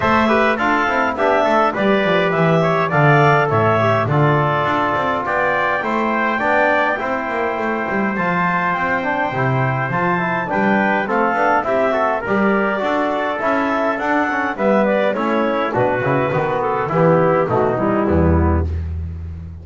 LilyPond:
<<
  \new Staff \with { instrumentName = "clarinet" } { \time 4/4 \tempo 4 = 103 e''4 f''4 e''4 d''4 | e''4 f''4 e''4 d''4~ | d''4 g''2.~ | g''2 a''4 g''4~ |
g''4 a''4 g''4 f''4 | e''4 d''2 e''4 | fis''4 e''8 d''8 cis''4 b'4~ | b'8 a'8 g'4 fis'8 e'4. | }
  \new Staff \with { instrumentName = "trumpet" } { \time 4/4 c''8 b'8 a'4 g'8 a'8 b'4~ | b'8 cis''8 d''4 cis''4 a'4~ | a'4 d''4 c''4 d''4 | c''1~ |
c''2 b'4 a'4 | g'8 a'8 ais'4 a'2~ | a'4 b'4 e'4 fis'4 | b4 e'4 dis'4 b4 | }
  \new Staff \with { instrumentName = "trombone" } { \time 4/4 a'8 g'8 f'8 e'8 d'4 g'4~ | g'4 a'4. g'8 f'4~ | f'2 e'4 d'4 | e'2 f'4. d'8 |
e'4 f'8 e'8 d'4 c'8 d'8 | e'8 fis'8 g'4 fis'4 e'4 | d'8 cis'8 b4 cis'4 d'8 e'8 | fis'4 b4 a8 g4. | }
  \new Staff \with { instrumentName = "double bass" } { \time 4/4 a4 d'8 c'8 b8 a8 g8 f8 | e4 d4 a,4 d4 | d'8 c'8 b4 a4 b4 | c'8 ais8 a8 g8 f4 c'4 |
c4 f4 g4 a8 b8 | c'4 g4 d'4 cis'4 | d'4 g4 a4 b,8 cis8 | dis4 e4 b,4 e,4 | }
>>